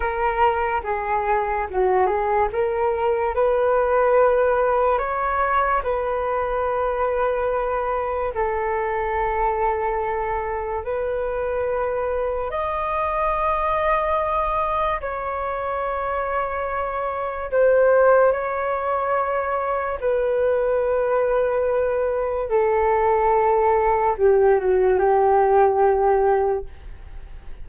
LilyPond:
\new Staff \with { instrumentName = "flute" } { \time 4/4 \tempo 4 = 72 ais'4 gis'4 fis'8 gis'8 ais'4 | b'2 cis''4 b'4~ | b'2 a'2~ | a'4 b'2 dis''4~ |
dis''2 cis''2~ | cis''4 c''4 cis''2 | b'2. a'4~ | a'4 g'8 fis'8 g'2 | }